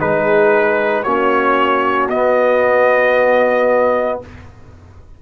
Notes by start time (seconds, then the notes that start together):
0.00 G#3 D#4 G#4 B4
1.04 A#3 C#4 F#4 C#5
2.09 B3 D#5